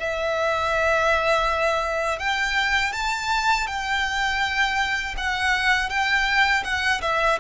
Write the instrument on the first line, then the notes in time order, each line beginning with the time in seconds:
violin
0.00 E5
2.19 G5
2.93 A5
3.67 G5
5.18 F#5
5.90 G5
6.64 F#5
7.02 E5